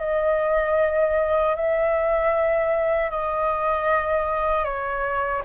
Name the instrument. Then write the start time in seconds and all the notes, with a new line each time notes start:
flute
0.00 D#5
1.56 E5
3.11 D#5
4.65 C#5